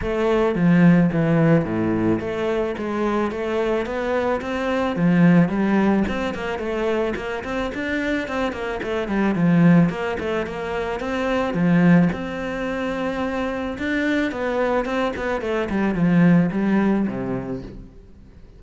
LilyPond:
\new Staff \with { instrumentName = "cello" } { \time 4/4 \tempo 4 = 109 a4 f4 e4 a,4 | a4 gis4 a4 b4 | c'4 f4 g4 c'8 ais8 | a4 ais8 c'8 d'4 c'8 ais8 |
a8 g8 f4 ais8 a8 ais4 | c'4 f4 c'2~ | c'4 d'4 b4 c'8 b8 | a8 g8 f4 g4 c4 | }